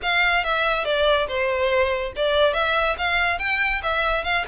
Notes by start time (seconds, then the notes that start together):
0.02 F5
0.44 E5
0.84 D5
1.27 C5
2.15 D5
2.53 E5
2.97 F5
3.38 G5
3.82 E5
4.24 F5